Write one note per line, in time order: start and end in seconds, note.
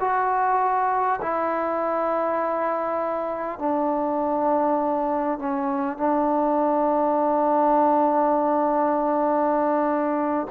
0.00 1.20 F#4
1.21 3.58 E4
3.58 5.38 D4
5.38 5.97 C#4
5.97 10.47 D4